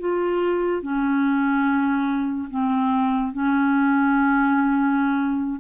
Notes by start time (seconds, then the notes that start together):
0.00 F4
0.82 C#4
2.50 C4
3.32 C#4